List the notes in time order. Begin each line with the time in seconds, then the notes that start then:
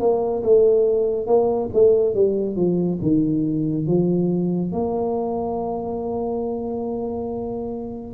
0.00 A#3
0.44 A3
1.27 A#3
1.74 A3
2.15 G3
2.56 F3
3.02 D#3
3.87 F3
4.73 A#3